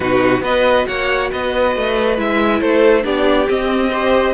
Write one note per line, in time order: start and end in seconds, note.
0.00 0.41 B2
0.00 0.40 D#4
0.00 0.42 F#4
0.00 0.42 B4
0.40 0.84 B3
0.40 2.14 F#4
0.40 0.86 B4
0.40 0.87 D#5
0.87 1.31 A#3
0.87 1.30 C#5
0.87 1.30 F#5
1.32 1.76 B3
1.32 2.60 B4
1.32 2.19 D#5
1.76 2.17 A3
2.16 2.61 G#3
2.16 3.02 E4
2.16 2.60 E5
2.60 3.04 A3
2.60 3.03 A4
2.60 3.04 C5
3.02 3.47 B3
3.02 3.46 D4
3.02 3.90 G4
3.02 3.49 D5
3.47 3.91 C4
3.47 4.34 C4
3.47 4.34 D#5
3.90 4.34 G4
3.90 4.34 C5